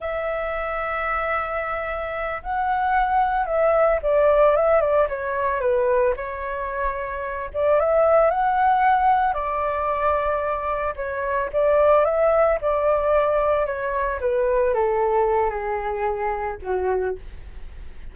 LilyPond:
\new Staff \with { instrumentName = "flute" } { \time 4/4 \tempo 4 = 112 e''1~ | e''8 fis''2 e''4 d''8~ | d''8 e''8 d''8 cis''4 b'4 cis''8~ | cis''2 d''8 e''4 fis''8~ |
fis''4. d''2~ d''8~ | d''8 cis''4 d''4 e''4 d''8~ | d''4. cis''4 b'4 a'8~ | a'4 gis'2 fis'4 | }